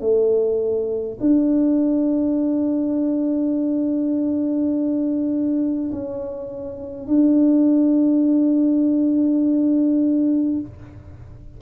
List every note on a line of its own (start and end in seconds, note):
0.00 1.18 A3
1.20 5.91 D4
5.91 7.07 C#4
7.07 10.60 D4